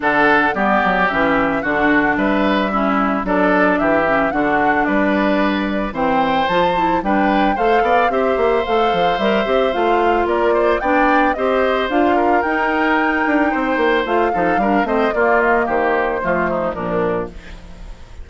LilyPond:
<<
  \new Staff \with { instrumentName = "flute" } { \time 4/4 \tempo 4 = 111 fis''4 d''4 e''4 fis''4 | e''2 d''4 e''4 | fis''4 d''2 g''4 | a''4 g''4 f''4 e''4 |
f''4 e''4 f''4 d''4 | g''4 dis''4 f''4 g''4~ | g''2 f''4. dis''8 | d''8 dis''8 c''2 ais'4 | }
  \new Staff \with { instrumentName = "oboe" } { \time 4/4 a'4 g'2 fis'4 | b'4 e'4 a'4 g'4 | fis'4 b'2 c''4~ | c''4 b'4 c''8 d''8 c''4~ |
c''2. ais'8 c''8 | d''4 c''4. ais'4.~ | ais'4 c''4. a'8 ais'8 c''8 | f'4 g'4 f'8 dis'8 d'4 | }
  \new Staff \with { instrumentName = "clarinet" } { \time 4/4 d'4 b4 cis'4 d'4~ | d'4 cis'4 d'4. cis'8 | d'2. c'4 | f'8 e'8 d'4 a'4 g'4 |
a'4 ais'8 g'8 f'2 | d'4 g'4 f'4 dis'4~ | dis'2 f'8 dis'8 d'8 c'8 | ais2 a4 f4 | }
  \new Staff \with { instrumentName = "bassoon" } { \time 4/4 d4 g8 fis8 e4 d4 | g2 fis4 e4 | d4 g2 e4 | f4 g4 a8 b8 c'8 ais8 |
a8 f8 g8 c'8 a4 ais4 | b4 c'4 d'4 dis'4~ | dis'8 d'8 c'8 ais8 a8 f8 g8 a8 | ais4 dis4 f4 ais,4 | }
>>